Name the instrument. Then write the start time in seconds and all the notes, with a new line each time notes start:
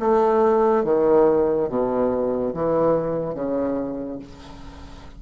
bassoon
0.00 A3
0.85 D#3
1.69 B2
2.54 E3
3.35 C#3